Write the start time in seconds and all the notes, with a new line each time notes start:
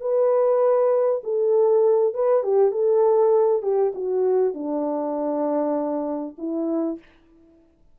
0.00 B4
1.23 A4
2.14 B4
2.43 G4
2.71 A4
3.62 G4
3.94 F#4
4.54 D4
6.38 E4